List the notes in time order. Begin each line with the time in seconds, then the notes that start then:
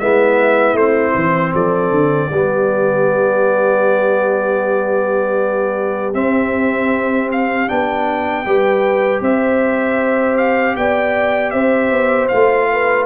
0.00 G#3 B3 E4 E5
0.74 A3 C4 C5
1.16 E3
1.54 F3 A4 D5
1.91 D3
2.29 G3 B3 G4
6.14 C4 E5
7.32 F5
7.68 B3 D4 G5
8.46 G3 G4 B4
9.22 C4 C5 E5
10.37 F5
10.77 B3 D5 G5
11.51 C4 C5 E5
11.92 B3
12.29 A3 F4 F5
12.71 B4